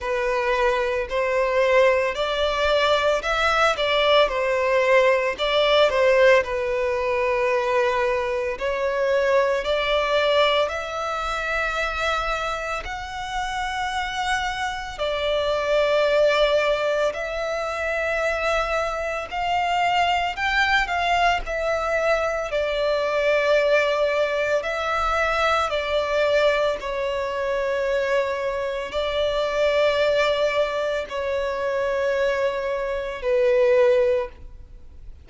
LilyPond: \new Staff \with { instrumentName = "violin" } { \time 4/4 \tempo 4 = 56 b'4 c''4 d''4 e''8 d''8 | c''4 d''8 c''8 b'2 | cis''4 d''4 e''2 | fis''2 d''2 |
e''2 f''4 g''8 f''8 | e''4 d''2 e''4 | d''4 cis''2 d''4~ | d''4 cis''2 b'4 | }